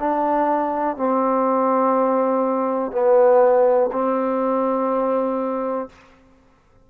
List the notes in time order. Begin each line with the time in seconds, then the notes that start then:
0.00 D4
0.97 C4
2.92 B3
3.93 C4